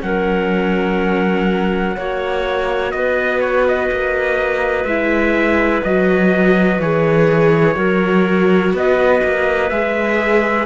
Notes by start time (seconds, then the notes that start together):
0.00 F#3 C#4 A#4 F#5
1.97 A#3 F#4 C#5
2.92 B3 B4 D#5
3.41 C#5
3.68 D#5
3.92 A#3
4.85 G#3 E4 E5
5.84 F#3 F#4 D#5
6.79 E3 G#4 C#5
7.75 F#3 F#4 A#4
8.74 B3 B4 D#5
9.24 A#3
9.70 G#3 G#4 E5